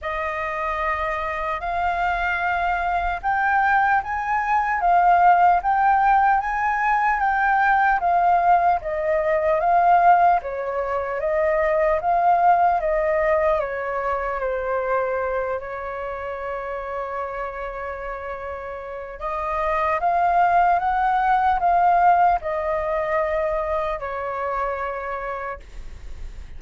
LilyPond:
\new Staff \with { instrumentName = "flute" } { \time 4/4 \tempo 4 = 75 dis''2 f''2 | g''4 gis''4 f''4 g''4 | gis''4 g''4 f''4 dis''4 | f''4 cis''4 dis''4 f''4 |
dis''4 cis''4 c''4. cis''8~ | cis''1 | dis''4 f''4 fis''4 f''4 | dis''2 cis''2 | }